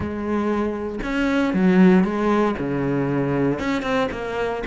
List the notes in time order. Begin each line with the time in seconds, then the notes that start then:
0.00 G#3
1.03 C#4
1.53 F#3
2.04 G#3
2.58 C#3
3.59 C#4
3.82 C4
4.11 A#3